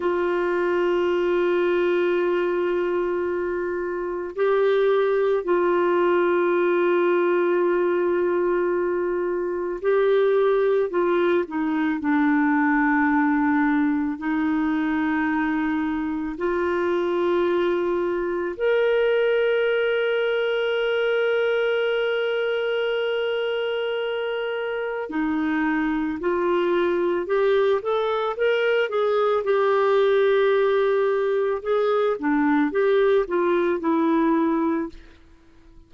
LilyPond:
\new Staff \with { instrumentName = "clarinet" } { \time 4/4 \tempo 4 = 55 f'1 | g'4 f'2.~ | f'4 g'4 f'8 dis'8 d'4~ | d'4 dis'2 f'4~ |
f'4 ais'2.~ | ais'2. dis'4 | f'4 g'8 a'8 ais'8 gis'8 g'4~ | g'4 gis'8 d'8 g'8 f'8 e'4 | }